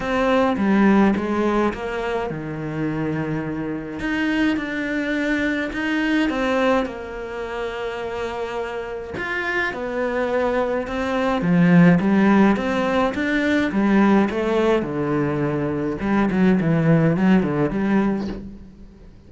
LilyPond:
\new Staff \with { instrumentName = "cello" } { \time 4/4 \tempo 4 = 105 c'4 g4 gis4 ais4 | dis2. dis'4 | d'2 dis'4 c'4 | ais1 |
f'4 b2 c'4 | f4 g4 c'4 d'4 | g4 a4 d2 | g8 fis8 e4 fis8 d8 g4 | }